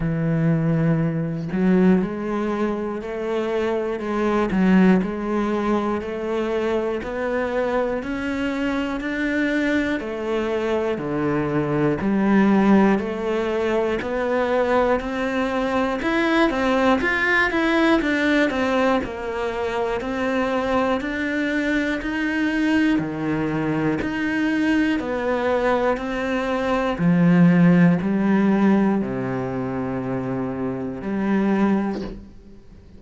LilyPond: \new Staff \with { instrumentName = "cello" } { \time 4/4 \tempo 4 = 60 e4. fis8 gis4 a4 | gis8 fis8 gis4 a4 b4 | cis'4 d'4 a4 d4 | g4 a4 b4 c'4 |
e'8 c'8 f'8 e'8 d'8 c'8 ais4 | c'4 d'4 dis'4 dis4 | dis'4 b4 c'4 f4 | g4 c2 g4 | }